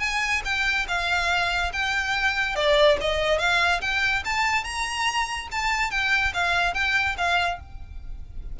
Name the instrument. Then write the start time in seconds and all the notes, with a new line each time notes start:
violin
0.00 G#5
0.45 G5
0.88 F5
1.73 G5
2.56 D5
3.01 D#5
3.39 F5
3.81 G5
4.25 A5
4.64 A#5
5.52 A5
5.91 G5
6.34 F5
6.74 G5
7.18 F5